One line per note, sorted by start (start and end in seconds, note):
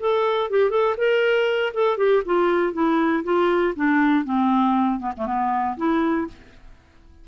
0.00 0.50 A4
0.51 0.71 G4
0.71 0.96 A4
0.98 1.73 A#4
1.74 1.98 A4
1.98 2.23 G4
2.26 2.73 F4
2.73 3.24 E4
3.24 3.74 F4
3.76 4.25 D4
4.25 5.00 C4
5.00 5.13 B3
5.17 5.27 A3
5.27 5.77 B3
5.78 6.28 E4